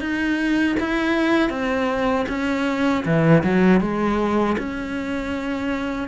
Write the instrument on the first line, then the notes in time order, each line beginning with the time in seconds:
cello
0.00 D#4
0.80 E4
1.49 C4
2.29 C#4
3.05 E3
3.43 F#3
3.80 G#3
4.58 C#4